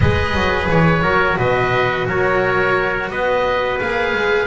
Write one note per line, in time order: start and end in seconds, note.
0.00 0.34 G#3
0.00 1.03 G#4
0.00 1.02 B4
0.00 0.67 D#5
0.34 0.68 F#3
0.69 1.02 E3
0.69 1.38 C#5
1.02 1.37 F#3
1.02 3.79 F#4
1.02 1.37 A#4
1.37 2.06 B2
1.37 2.06 B4
1.37 2.07 D#5
2.07 3.10 F#3
2.07 3.11 A#4
2.07 3.10 C#5
3.10 3.79 B3
3.10 4.46 B4
3.10 3.79 D#5
3.80 4.13 A#3
3.80 4.46 G#4
3.80 4.46 F5
4.13 4.46 G#3